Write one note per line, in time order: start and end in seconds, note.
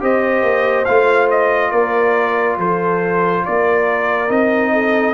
0.00 0.43 C4
0.00 0.86 G4
0.00 1.72 C5
0.00 0.85 D#5
0.43 0.86 A#3
0.85 1.72 A3
0.85 4.28 F4
0.85 1.28 F5
1.30 1.71 D#5
1.71 2.58 A#3
1.71 2.58 A#4
1.71 2.57 D5
2.58 3.43 F3
2.58 3.44 A4
2.58 3.45 C5
3.45 4.30 A#3
3.45 4.73 A#4
3.45 4.31 D5
4.28 5.14 C4
4.28 5.14 D#4
4.28 5.14 D#5
4.73 5.14 A4